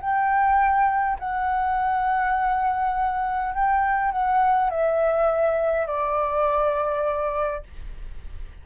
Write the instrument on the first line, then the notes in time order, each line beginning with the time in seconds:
flute
0.00 G5
1.19 F#5
3.54 G5
4.11 F#5
4.70 E5
5.86 D5